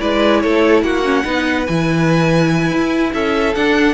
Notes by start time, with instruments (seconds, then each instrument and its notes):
0.00 cello G#3, viola E4, violin B4 D5
0.41 cello A3, violin A4 C#5
0.82 cello A#3, violin F#4 F#5
1.04 viola C#4
1.23 cello B3, viola D#4, violin B4
1.66 cello E3, viola E4, violin G#5
2.72 cello E4
3.14 cello C#4, violin A4 E5
3.55 viola D4, cello D4, violin F#5